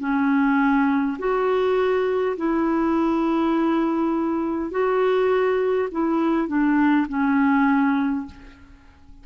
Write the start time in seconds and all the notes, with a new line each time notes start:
0.00 C#4
1.18 F#4
2.37 E4
4.71 F#4
5.91 E4
6.48 D4
7.08 C#4